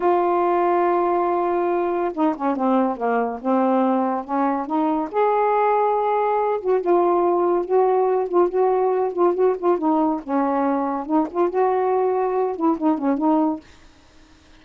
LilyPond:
\new Staff \with { instrumentName = "saxophone" } { \time 4/4 \tempo 4 = 141 f'1~ | f'4 dis'8 cis'8 c'4 ais4 | c'2 cis'4 dis'4 | gis'2.~ gis'8 fis'8 |
f'2 fis'4. f'8 | fis'4. f'8 fis'8 f'8 dis'4 | cis'2 dis'8 f'8 fis'4~ | fis'4. e'8 dis'8 cis'8 dis'4 | }